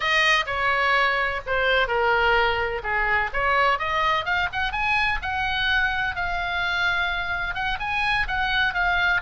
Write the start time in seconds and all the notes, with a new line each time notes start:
0.00 D#5
0.46 C#5
1.46 C5
1.87 A#4
2.83 G#4
3.33 C#5
3.78 D#5
4.25 F5
4.52 F#5
4.71 G#5
5.22 F#5
6.15 F5
7.54 F#5
7.79 G#5
8.27 F#5
8.74 F5